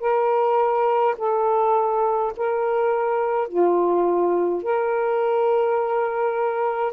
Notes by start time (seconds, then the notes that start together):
0.00 A#4
1.17 A4
2.37 A#4
3.48 F4
4.63 A#4